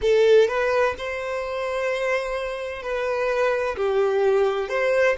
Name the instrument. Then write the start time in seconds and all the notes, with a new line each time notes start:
violin
0.01 A4
0.47 B4
0.98 C5
2.82 B4
3.77 G4
4.69 C5